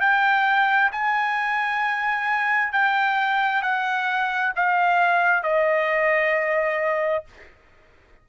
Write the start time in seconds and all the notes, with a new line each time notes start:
0.00 G5
0.92 G#5
2.72 G5
3.62 F#5
4.56 F5
5.43 D#5